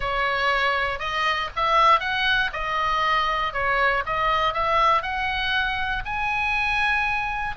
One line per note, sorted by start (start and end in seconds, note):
0.00 0.99 C#5
0.99 1.49 D#5
1.56 2.00 E5
2.00 2.50 F#5
2.52 3.53 D#5
3.53 4.03 C#5
4.06 4.53 D#5
4.53 5.02 E5
5.02 6.03 F#5
6.05 7.56 G#5